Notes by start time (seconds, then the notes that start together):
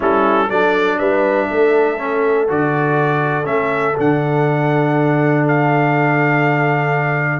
0.00 G3 C#4 E4 A4
0.48 F#3 D4 A4 D5
0.98 G3 B4 E5
1.49 A3 A4
1.97 C#4
2.48 D3 F#4 D5
3.44 A3 C#4 E5
3.96 D3 D4 F#5
5.47 F5